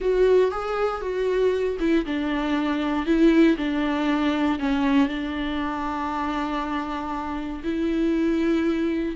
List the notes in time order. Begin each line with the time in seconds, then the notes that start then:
0.00 F#4
0.51 G#4
1.01 F#4
1.79 E4
2.05 D4
3.06 E4
3.57 D4
4.59 C#4
5.08 D4
7.63 E4